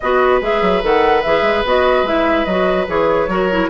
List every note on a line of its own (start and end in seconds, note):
0.00 0.41 B3
0.00 0.42 F#4
0.00 3.30 B4
0.00 0.40 D#5
0.41 0.61 G#3
0.41 0.82 G#4
0.41 0.84 E5
0.61 0.82 F#3
0.82 1.24 D#3
0.82 1.23 A4
0.82 1.23 F#5
1.23 1.42 E3
1.23 1.65 G#4
1.23 1.64 E5
1.42 1.62 G#3
1.65 2.03 B3
1.65 2.05 F#4
1.65 2.06 D#5
2.03 2.44 G#3
2.03 2.47 E4
2.03 2.45 E5
2.45 2.87 F#3
2.45 2.87 F#4
2.45 2.86 D#5
2.87 3.27 E3
2.87 3.28 G#4
2.87 3.69 C#5
3.27 3.68 F#3
3.27 3.50 F#4
3.27 3.69 A#4
3.51 3.69 E4